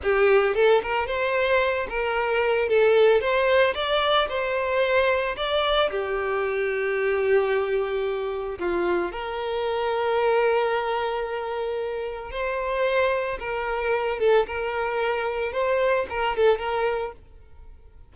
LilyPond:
\new Staff \with { instrumentName = "violin" } { \time 4/4 \tempo 4 = 112 g'4 a'8 ais'8 c''4. ais'8~ | ais'4 a'4 c''4 d''4 | c''2 d''4 g'4~ | g'1 |
f'4 ais'2.~ | ais'2. c''4~ | c''4 ais'4. a'8 ais'4~ | ais'4 c''4 ais'8 a'8 ais'4 | }